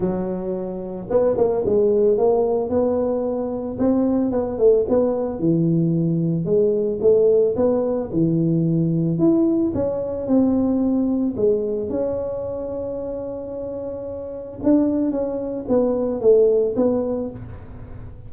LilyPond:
\new Staff \with { instrumentName = "tuba" } { \time 4/4 \tempo 4 = 111 fis2 b8 ais8 gis4 | ais4 b2 c'4 | b8 a8 b4 e2 | gis4 a4 b4 e4~ |
e4 e'4 cis'4 c'4~ | c'4 gis4 cis'2~ | cis'2. d'4 | cis'4 b4 a4 b4 | }